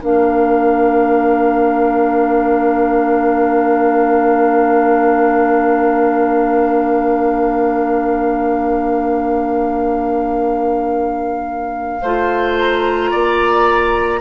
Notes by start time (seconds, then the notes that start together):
0.00 A#3 D4 A#4 F5
12.02 A3 F4 C5
12.58 A#5
13.10 A#3 D5